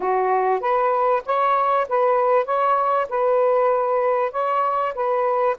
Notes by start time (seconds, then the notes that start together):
0.00 F#4
0.60 B4
1.25 C#5
1.88 B4
2.45 C#5
3.09 B4
4.31 C#5
4.94 B4